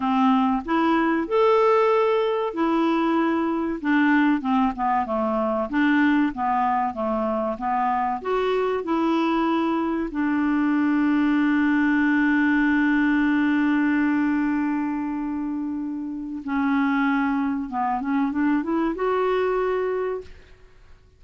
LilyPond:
\new Staff \with { instrumentName = "clarinet" } { \time 4/4 \tempo 4 = 95 c'4 e'4 a'2 | e'2 d'4 c'8 b8 | a4 d'4 b4 a4 | b4 fis'4 e'2 |
d'1~ | d'1~ | d'2 cis'2 | b8 cis'8 d'8 e'8 fis'2 | }